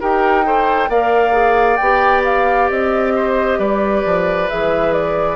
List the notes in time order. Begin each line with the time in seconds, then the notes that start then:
0.00 D#4 G4 A#4 G5
0.44 A4 C5
0.89 A#3 A#4 D5 F5
1.32 G#4
1.76 B3 G4 G5
2.24 F5
2.70 C4 D#5
3.15 C5
3.58 G3 B4 D5
4.04 F3
4.49 E3 G#4 E5
4.93 D5